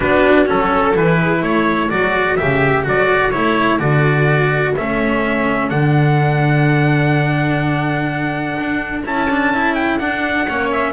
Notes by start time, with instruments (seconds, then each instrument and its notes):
0.00 double bass B3, cello D4, viola F#4, trumpet B4
0.45 double bass F#3, cello C#4, trumpet A4
0.71 viola A4
0.94 double bass E3, cello E4, trumpet B4
1.21 viola G#4
1.40 double bass A3, viola A4, trumpet C#5
1.89 double bass F#3, cello F#4, trumpet D5
2.36 double bass C#3, cello G4, trumpet E5
2.84 double bass F#3, cello F#4, trumpet D5
3.30 double bass A3, cello E4, trumpet C#5
3.79 double bass D3, cello F#4, trumpet D5
4.76 double bass A3, cello C#4, trumpet E5
5.69 double bass D3, cello D4, trumpet F#5
8.59 double bass D4
9.05 double bass C#4, cello E4, trumpet A5
9.30 cello D4
9.53 cello E4
9.74 trumpet G5
9.99 cello D4, double bass D4, trumpet F#5
10.48 double bass A#3, cello C#4, viola C#5
10.71 trumpet E5